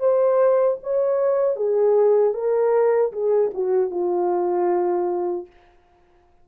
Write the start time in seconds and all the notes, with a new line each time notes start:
0.00 C5
0.84 C#5
1.57 G#4
2.34 A#4
3.12 G#4
3.54 F#4
3.91 F4